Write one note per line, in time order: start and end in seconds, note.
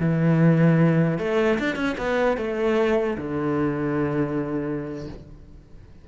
0.00 1.19 E3
1.19 1.59 A3
1.60 1.76 D4
1.76 1.96 C#4
1.98 2.38 B3
2.38 3.18 A3
3.18 5.08 D3